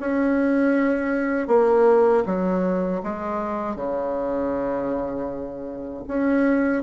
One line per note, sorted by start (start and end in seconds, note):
0.00 1.48 C#4
1.48 2.24 A#3
2.26 3.02 F#3
3.03 3.76 G#3
3.76 6.03 C#3
6.08 6.83 C#4